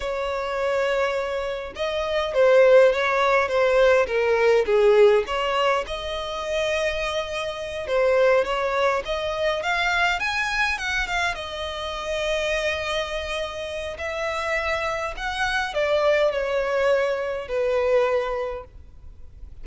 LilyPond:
\new Staff \with { instrumentName = "violin" } { \time 4/4 \tempo 4 = 103 cis''2. dis''4 | c''4 cis''4 c''4 ais'4 | gis'4 cis''4 dis''2~ | dis''4. c''4 cis''4 dis''8~ |
dis''8 f''4 gis''4 fis''8 f''8 dis''8~ | dis''1 | e''2 fis''4 d''4 | cis''2 b'2 | }